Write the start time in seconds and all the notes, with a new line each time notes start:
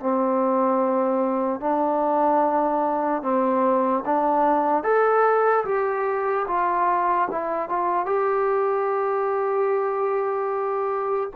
0.00 C4
1.60 D4
3.22 C4
4.06 D4
4.84 A4
5.65 G4
6.47 F4
7.31 E4
7.69 F4
8.06 G4